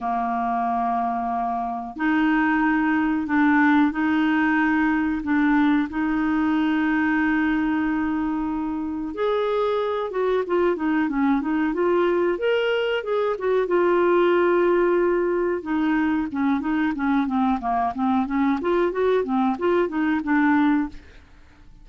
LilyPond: \new Staff \with { instrumentName = "clarinet" } { \time 4/4 \tempo 4 = 92 ais2. dis'4~ | dis'4 d'4 dis'2 | d'4 dis'2.~ | dis'2 gis'4. fis'8 |
f'8 dis'8 cis'8 dis'8 f'4 ais'4 | gis'8 fis'8 f'2. | dis'4 cis'8 dis'8 cis'8 c'8 ais8 c'8 | cis'8 f'8 fis'8 c'8 f'8 dis'8 d'4 | }